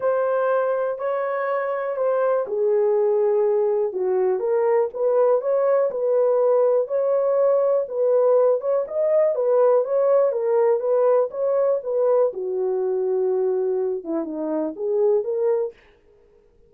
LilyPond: \new Staff \with { instrumentName = "horn" } { \time 4/4 \tempo 4 = 122 c''2 cis''2 | c''4 gis'2. | fis'4 ais'4 b'4 cis''4 | b'2 cis''2 |
b'4. cis''8 dis''4 b'4 | cis''4 ais'4 b'4 cis''4 | b'4 fis'2.~ | fis'8 e'8 dis'4 gis'4 ais'4 | }